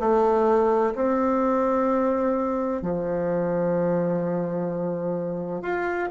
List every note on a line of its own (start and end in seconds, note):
0.00 0.94 A3
0.95 2.82 C4
2.82 5.62 F3
5.62 6.09 F4